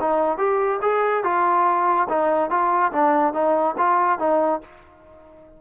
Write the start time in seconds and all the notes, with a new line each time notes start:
0.00 D#4
0.38 G4
0.82 G#4
1.23 F4
2.09 D#4
2.50 F4
2.92 D4
3.33 D#4
3.77 F4
4.19 D#4